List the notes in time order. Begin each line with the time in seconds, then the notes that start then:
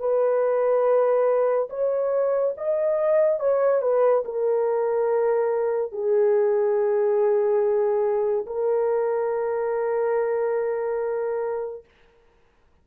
0.00 B4
1.70 C#5
2.58 D#5
3.40 C#5
3.82 B4
4.25 A#4
5.93 G#4
8.47 A#4